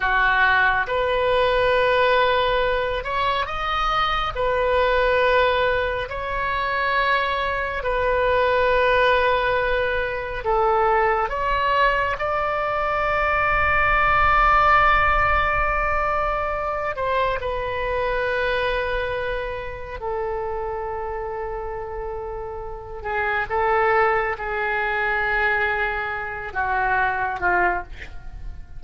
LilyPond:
\new Staff \with { instrumentName = "oboe" } { \time 4/4 \tempo 4 = 69 fis'4 b'2~ b'8 cis''8 | dis''4 b'2 cis''4~ | cis''4 b'2. | a'4 cis''4 d''2~ |
d''2.~ d''8 c''8 | b'2. a'4~ | a'2~ a'8 gis'8 a'4 | gis'2~ gis'8 fis'4 f'8 | }